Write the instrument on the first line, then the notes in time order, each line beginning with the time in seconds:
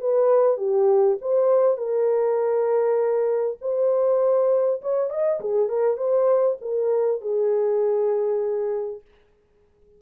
horn
0.00 B4
0.57 G4
1.21 C5
1.77 A#4
3.61 C5
4.81 C#5
5.10 D#5
5.40 G#4
5.68 A#4
5.97 C5
6.61 A#4
7.21 G#4